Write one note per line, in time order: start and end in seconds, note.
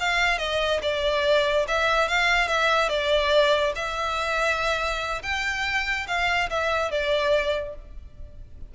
0.00 0.38 F5
0.38 0.80 D#5
0.82 1.66 D5
1.68 2.08 E5
2.08 2.48 F5
2.48 2.89 E5
2.89 3.73 D5
3.76 5.22 E5
5.23 6.07 G5
6.07 6.49 F5
6.50 6.91 E5
6.91 7.75 D5